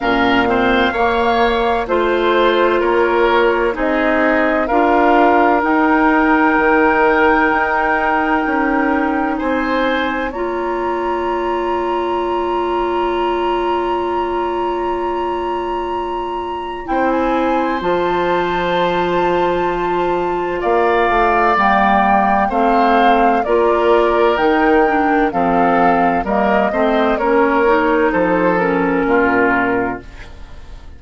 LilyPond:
<<
  \new Staff \with { instrumentName = "flute" } { \time 4/4 \tempo 4 = 64 f''2 c''4 cis''4 | dis''4 f''4 g''2~ | g''2 gis''4 ais''4~ | ais''1~ |
ais''2 g''16 gis''8. a''4~ | a''2 f''4 g''4 | f''4 d''4 g''4 f''4 | dis''4 cis''4 c''8 ais'4. | }
  \new Staff \with { instrumentName = "oboe" } { \time 4/4 ais'8 c''8 cis''4 c''4 ais'4 | gis'4 ais'2.~ | ais'2 c''4 cis''4~ | cis''1~ |
cis''2 c''2~ | c''2 d''2 | c''4 ais'2 a'4 | ais'8 c''8 ais'4 a'4 f'4 | }
  \new Staff \with { instrumentName = "clarinet" } { \time 4/4 cis'8 c'8 ais4 f'2 | dis'4 f'4 dis'2~ | dis'2. f'4~ | f'1~ |
f'2 e'4 f'4~ | f'2. ais4 | c'4 f'4 dis'8 d'8 c'4 | ais8 c'8 cis'8 dis'4 cis'4. | }
  \new Staff \with { instrumentName = "bassoon" } { \time 4/4 ais,4 ais4 a4 ais4 | c'4 d'4 dis'4 dis4 | dis'4 cis'4 c'4 ais4~ | ais1~ |
ais2 c'4 f4~ | f2 ais8 a8 g4 | a4 ais4 dis4 f4 | g8 a8 ais4 f4 ais,4 | }
>>